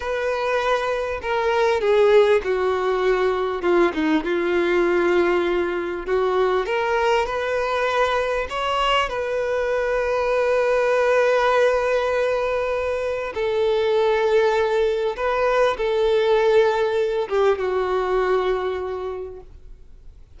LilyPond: \new Staff \with { instrumentName = "violin" } { \time 4/4 \tempo 4 = 99 b'2 ais'4 gis'4 | fis'2 f'8 dis'8 f'4~ | f'2 fis'4 ais'4 | b'2 cis''4 b'4~ |
b'1~ | b'2 a'2~ | a'4 b'4 a'2~ | a'8 g'8 fis'2. | }